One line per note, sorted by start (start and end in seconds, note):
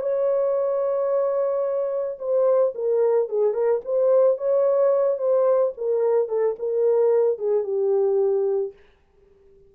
0.00 2.18 C#5
2.18 2.73 C5
2.74 3.28 A#4
3.28 3.53 G#4
3.53 3.80 A#4
3.84 4.37 C5
4.37 5.18 C#5
5.18 5.72 C5
5.77 6.28 A#4
6.28 6.55 A4
6.58 7.38 A#4
7.38 7.63 G#4
7.63 8.72 G4